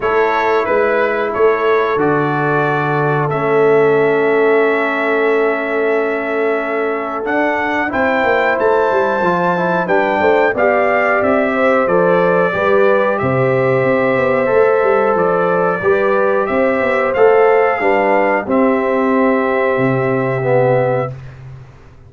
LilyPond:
<<
  \new Staff \with { instrumentName = "trumpet" } { \time 4/4 \tempo 4 = 91 cis''4 b'4 cis''4 d''4~ | d''4 e''2.~ | e''2. fis''4 | g''4 a''2 g''4 |
f''4 e''4 d''2 | e''2. d''4~ | d''4 e''4 f''2 | e''1 | }
  \new Staff \with { instrumentName = "horn" } { \time 4/4 a'4 b'4 a'2~ | a'1~ | a'1 | c''2. b'8 c''8 |
d''4. c''4. b'4 | c''1 | b'4 c''2 b'4 | g'1 | }
  \new Staff \with { instrumentName = "trombone" } { \time 4/4 e'2. fis'4~ | fis'4 cis'2.~ | cis'2. d'4 | e'2 f'8 e'8 d'4 |
g'2 a'4 g'4~ | g'2 a'2 | g'2 a'4 d'4 | c'2. b4 | }
  \new Staff \with { instrumentName = "tuba" } { \time 4/4 a4 gis4 a4 d4~ | d4 a2.~ | a2. d'4 | c'8 ais8 a8 g8 f4 g8 a8 |
b4 c'4 f4 g4 | c4 c'8 b8 a8 g8 f4 | g4 c'8 b8 a4 g4 | c'2 c2 | }
>>